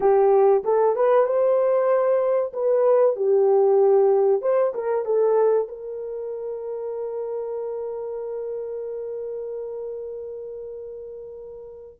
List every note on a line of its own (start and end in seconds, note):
0.00 0.63 G4
0.64 0.95 A4
0.95 1.25 B4
1.25 2.52 C5
2.53 3.16 B4
3.16 4.41 G4
4.41 4.73 C5
4.74 5.05 A#4
5.05 5.68 A4
5.68 11.99 A#4